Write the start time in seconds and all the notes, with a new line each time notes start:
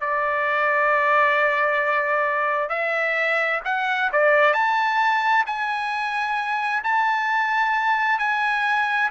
0.00 D5
2.69 E5
3.65 F#5
4.12 D5
4.53 A5
5.46 G#5
6.83 A5
8.19 G#5